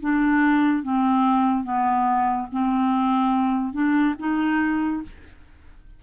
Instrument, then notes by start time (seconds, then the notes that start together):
clarinet
0.00 D4
0.83 C4
1.64 B3
2.52 C4
3.73 D4
4.19 D#4